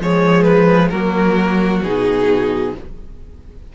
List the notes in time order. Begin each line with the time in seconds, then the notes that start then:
0.00 F3 G#3 G#4 C#5
0.43 B4
0.90 F#3 A#3 F#4 A#4
1.84 B2 D#4 G#4